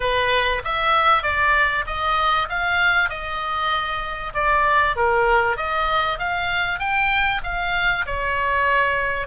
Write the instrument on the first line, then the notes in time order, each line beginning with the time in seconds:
oboe
0.00 B4
0.64 E5
1.22 D5
1.86 D#5
2.49 F5
3.09 D#5
4.34 D5
4.96 A#4
5.57 D#5
6.19 F5
6.79 G5
7.43 F5
8.06 C#5